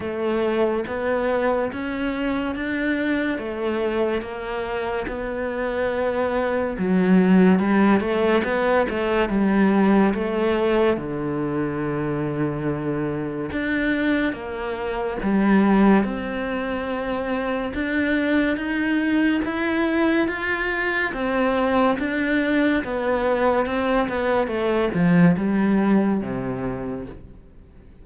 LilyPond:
\new Staff \with { instrumentName = "cello" } { \time 4/4 \tempo 4 = 71 a4 b4 cis'4 d'4 | a4 ais4 b2 | fis4 g8 a8 b8 a8 g4 | a4 d2. |
d'4 ais4 g4 c'4~ | c'4 d'4 dis'4 e'4 | f'4 c'4 d'4 b4 | c'8 b8 a8 f8 g4 c4 | }